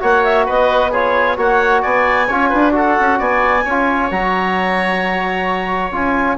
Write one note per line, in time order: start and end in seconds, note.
0.00 0.48 A#3
0.00 0.91 F#4
0.00 0.46 C#5
0.00 0.24 F#5
0.24 0.47 E5
0.46 1.37 B3
0.46 0.91 B4
0.46 0.93 D#5
0.91 1.37 F4
0.91 1.37 G#4
0.91 1.38 C#5
1.37 1.82 A#3
1.37 2.28 F#4
1.37 1.82 C#5
1.37 1.82 F#5
1.82 2.30 B3
1.82 2.27 D5
1.82 2.73 G#5
2.27 2.52 C#4
2.27 2.72 F4
2.27 2.49 C#5
2.49 2.98 D4
2.49 2.72 B4
2.72 3.63 F#4
2.72 3.19 A4
2.72 3.20 F#5
2.99 3.19 C#4
3.19 3.65 B3
3.19 3.64 D5
3.19 4.11 G#5
3.64 4.11 C#4
3.64 4.11 F4
3.64 6.37 C#5
4.11 5.91 F#3
4.11 5.92 F#4
4.11 5.92 A#5
5.91 6.37 C#4
5.91 6.37 F4
5.91 6.37 G#5